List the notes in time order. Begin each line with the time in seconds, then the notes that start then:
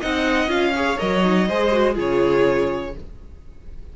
0.00 C4 D#4 D#5 F#5
0.48 C#4 F4 F5
0.75 G#4 C#5
0.98 F#3 A#4 D#5
1.23 D#4
1.48 G#3 G#4 C5
1.72 F#4
1.94 C#3 F4 G#4 C#5